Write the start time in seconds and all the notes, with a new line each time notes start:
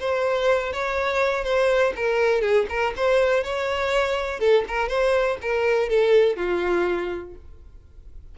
0.00 C5
0.73 C#5
1.44 C5
1.96 A#4
2.41 G#4
2.69 A#4
2.96 C5
3.44 C#5
4.40 A4
4.68 A#4
4.88 C5
5.42 A#4
5.89 A4
6.37 F4